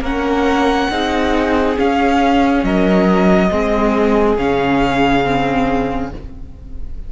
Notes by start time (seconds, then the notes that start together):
0.00 A#3 C#4 A#4 F#5
0.90 C4 D#4 G#4
1.76 C#4 F5
2.63 F#3 A#4 D#5
3.50 G#3 C4 G#4
4.37 C#3 C#4 F5
5.24 C4